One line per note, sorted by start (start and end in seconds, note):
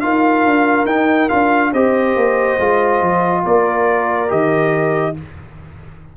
0.00 0.45 D#4
0.00 0.87 F4
0.00 1.72 A#4
0.00 0.86 F5
0.45 0.85 D4
0.85 1.28 D#4
0.85 1.29 D#4
0.85 1.29 G5
1.29 1.73 D4
1.29 1.72 F4
1.29 1.72 F5
1.72 2.16 C4
1.72 2.59 G4
1.72 3.43 C5
1.72 3.44 D#5
2.16 2.58 A#3
2.59 3.01 G#3
2.59 4.28 F4
3.01 3.44 F3
3.43 4.31 A#3
3.43 5.14 A#4
3.43 4.30 D5
4.28 5.17 D#3
4.28 5.14 G4
4.28 5.16 D#5